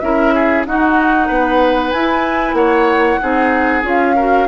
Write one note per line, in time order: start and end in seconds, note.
0.00 0.66 C#4
0.00 0.66 E4
0.00 0.35 A#4
0.00 0.64 E5
0.35 0.67 G#4
0.66 1.30 D#4
0.66 1.95 D#4
0.66 1.28 F#4
0.66 1.92 F#5
1.28 1.93 B3
1.28 2.56 B4
1.92 2.54 E4
1.92 3.21 E4
1.92 2.55 G#5
2.54 3.18 A#3
2.54 3.21 C#5
2.54 3.83 F#5
3.21 3.84 C4
3.21 3.83 D#4
3.21 4.16 G#4
3.83 4.48 C#4
3.83 4.15 F4
3.83 4.48 F5
4.16 4.48 F#4
4.16 4.48 A#4